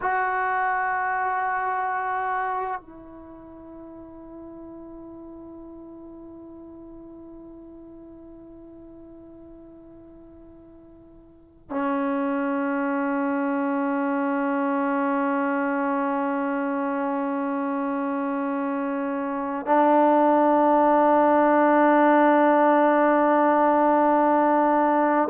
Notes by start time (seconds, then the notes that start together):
0.01 F#4
2.80 E4
11.70 C#4
19.66 D4